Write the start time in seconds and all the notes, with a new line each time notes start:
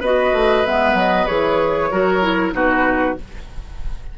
0.00 B3 F#4 B4 D#5
0.32 A3
0.65 G#3 B3 E5
0.94 F#3 D#5
1.27 E3 G#4 C#5
1.91 F#3 F#4 A#4
2.22 E4
2.53 B2 D#4 F#4 B4